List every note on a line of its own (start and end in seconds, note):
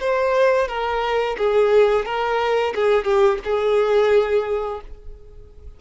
0.00 0.68 C5
0.68 1.37 A#4
1.38 2.06 G#4
2.06 2.74 A#4
2.75 3.05 G#4
3.05 3.39 G4
3.45 4.81 G#4